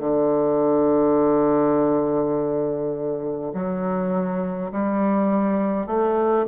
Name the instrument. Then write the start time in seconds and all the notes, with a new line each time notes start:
bassoon
0.00 D3
3.54 F#3
4.72 G3
5.87 A3